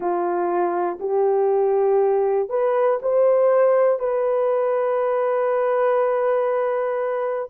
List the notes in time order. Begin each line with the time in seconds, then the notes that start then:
0.00 F4
0.99 G4
2.49 B4
3.01 C5
3.99 B4